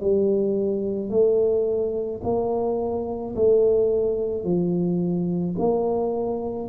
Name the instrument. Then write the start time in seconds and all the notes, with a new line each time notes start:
tuba
0.00 G3
1.10 A3
2.23 A#3
3.35 A3
4.44 F3
5.59 A#3